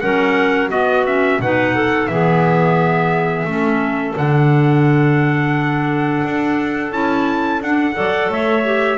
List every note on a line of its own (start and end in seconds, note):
0.00 0.72 F#3
0.00 0.70 C#4
0.00 0.69 A#4
0.00 0.69 F#5
0.69 1.04 B3
0.69 1.39 B3
0.69 1.38 F#4
0.69 1.05 D#5
1.06 1.41 C#4
1.06 1.40 E5
1.39 2.08 B2
1.39 2.10 D#4
1.39 1.75 B4
1.39 2.07 F#5
1.75 2.09 A4
2.07 3.45 E3
2.07 3.47 B3
2.07 3.47 G#4
2.07 4.14 E5
3.45 4.14 A3
3.45 4.15 C#4
3.45 7.95 A4
4.15 6.23 D3
4.15 6.91 D4
4.15 6.92 F#5
6.24 6.92 D4
6.92 7.60 C#4
6.92 7.61 E4
6.92 7.61 A5
7.60 7.95 D4
7.60 7.94 D4
7.60 8.32 F#5
7.94 8.29 F#3
7.94 8.63 A4
7.94 8.30 D5
8.29 8.98 A3
8.29 8.98 C#5
8.29 8.98 E5
8.65 8.98 G4